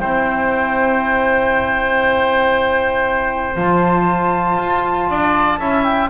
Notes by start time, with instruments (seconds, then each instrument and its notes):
0.00 double bass C4, trombone E4, oboe C5, flute G5
3.56 double bass F3, trombone F4, flute A5
4.58 double bass F4
5.09 double bass D4, oboe D5
5.59 double bass C#4, trombone E4, oboe E5
5.84 flute G5